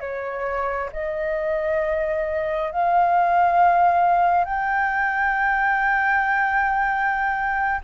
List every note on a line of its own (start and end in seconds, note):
0.00 0.90 C#5
0.92 2.71 D#5
2.71 4.45 F5
4.45 7.81 G5